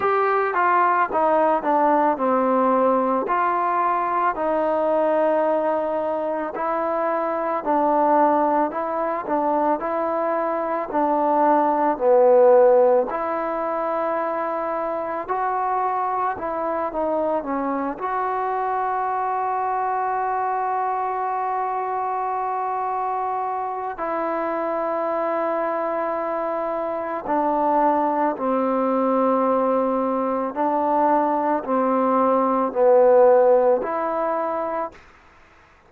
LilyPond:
\new Staff \with { instrumentName = "trombone" } { \time 4/4 \tempo 4 = 55 g'8 f'8 dis'8 d'8 c'4 f'4 | dis'2 e'4 d'4 | e'8 d'8 e'4 d'4 b4 | e'2 fis'4 e'8 dis'8 |
cis'8 fis'2.~ fis'8~ | fis'2 e'2~ | e'4 d'4 c'2 | d'4 c'4 b4 e'4 | }